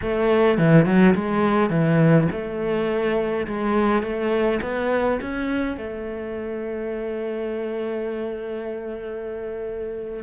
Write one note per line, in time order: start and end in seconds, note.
0.01 0.58 A3
0.58 0.85 E3
0.85 1.14 F#3
1.14 1.70 G#3
1.70 2.27 E3
2.31 3.46 A3
3.47 4.02 G#3
4.02 4.60 A3
4.62 5.19 B3
5.21 5.77 C#4
5.77 10.23 A3